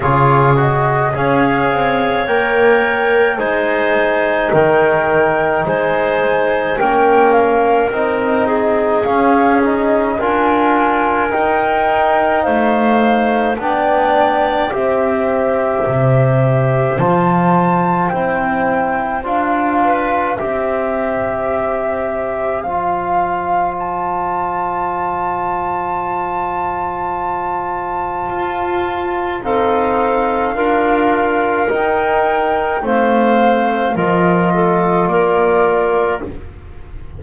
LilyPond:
<<
  \new Staff \with { instrumentName = "flute" } { \time 4/4 \tempo 4 = 53 cis''8 dis''8 f''4 g''4 gis''4 | g''4 gis''4 g''8 f''8 dis''4 | f''8 dis''8 gis''4 g''4 f''4 | g''4 e''2 a''4 |
g''4 f''4 e''2 | f''4 a''2.~ | a''2 f''2 | g''4 f''4 dis''4 d''4 | }
  \new Staff \with { instrumentName = "clarinet" } { \time 4/4 gis'4 cis''2 c''4 | ais'4 c''4 ais'4. gis'8~ | gis'4 ais'2 c''4 | d''4 c''2.~ |
c''4. b'8 c''2~ | c''1~ | c''2 a'4 ais'4~ | ais'4 c''4 ais'8 a'8 ais'4 | }
  \new Staff \with { instrumentName = "trombone" } { \time 4/4 f'8 fis'8 gis'4 ais'4 dis'4~ | dis'2 cis'4 dis'4 | cis'8 dis'8 f'4 dis'2 | d'4 g'2 f'4 |
e'4 f'4 g'2 | f'1~ | f'2 c'4 f'4 | dis'4 c'4 f'2 | }
  \new Staff \with { instrumentName = "double bass" } { \time 4/4 cis4 cis'8 c'8 ais4 gis4 | dis4 gis4 ais4 c'4 | cis'4 d'4 dis'4 a4 | b4 c'4 c4 f4 |
c'4 d'4 c'2 | f1~ | f4 f'4 dis'4 d'4 | dis'4 a4 f4 ais4 | }
>>